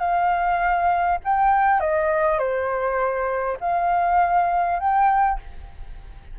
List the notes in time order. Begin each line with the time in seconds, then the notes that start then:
0.00 F5
1.25 G5
1.80 D#5
2.39 C5
3.61 F5
4.80 G5